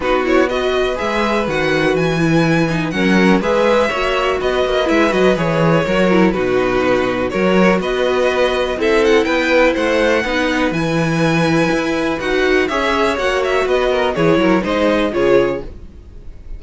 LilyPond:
<<
  \new Staff \with { instrumentName = "violin" } { \time 4/4 \tempo 4 = 123 b'8 cis''8 dis''4 e''4 fis''4 | gis''2 fis''4 e''4~ | e''4 dis''4 e''8 dis''8 cis''4~ | cis''4 b'2 cis''4 |
dis''2 e''8 fis''8 g''4 | fis''2 gis''2~ | gis''4 fis''4 e''4 fis''8 e''8 | dis''4 cis''4 dis''4 cis''4 | }
  \new Staff \with { instrumentName = "violin" } { \time 4/4 fis'4 b'2.~ | b'2 ais'4 b'4 | cis''4 b'2. | ais'4 fis'2 ais'4 |
b'2 a'4 b'4 | c''4 b'2.~ | b'2 cis''2 | b'8 ais'8 gis'8 ais'8 c''4 gis'4 | }
  \new Staff \with { instrumentName = "viola" } { \time 4/4 dis'8 e'8 fis'4 gis'4 fis'4~ | fis'8 e'4 dis'8 cis'4 gis'4 | fis'2 e'8 fis'8 gis'4 | fis'8 e'8 dis'2 fis'4~ |
fis'2 e'2~ | e'4 dis'4 e'2~ | e'4 fis'4 gis'4 fis'4~ | fis'4 e'4 dis'4 f'4 | }
  \new Staff \with { instrumentName = "cello" } { \time 4/4 b2 gis4 dis4 | e2 fis4 gis4 | ais4 b8 ais8 gis8 fis8 e4 | fis4 b,2 fis4 |
b2 c'4 b4 | a4 b4 e2 | e'4 dis'4 cis'4 ais4 | b4 e8 fis8 gis4 cis4 | }
>>